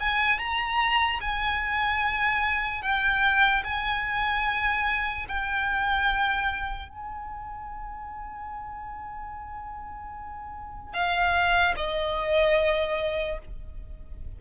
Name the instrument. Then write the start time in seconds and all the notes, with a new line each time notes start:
violin
0.00 G#5
0.38 A#5
1.21 G#5
2.82 G5
3.64 G#5
5.28 G5
6.88 G#5
10.93 F5
11.76 D#5